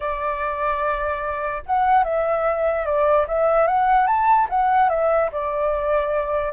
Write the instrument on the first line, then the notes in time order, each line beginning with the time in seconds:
flute
0.00 D5
1.66 F#5
2.04 E5
2.85 D5
3.27 E5
3.67 F#5
4.06 A5
4.49 F#5
4.89 E5
5.32 D5